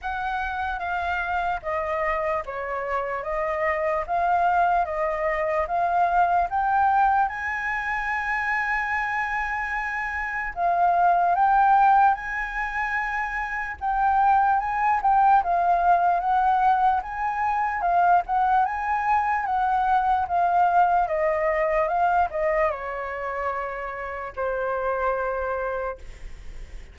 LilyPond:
\new Staff \with { instrumentName = "flute" } { \time 4/4 \tempo 4 = 74 fis''4 f''4 dis''4 cis''4 | dis''4 f''4 dis''4 f''4 | g''4 gis''2.~ | gis''4 f''4 g''4 gis''4~ |
gis''4 g''4 gis''8 g''8 f''4 | fis''4 gis''4 f''8 fis''8 gis''4 | fis''4 f''4 dis''4 f''8 dis''8 | cis''2 c''2 | }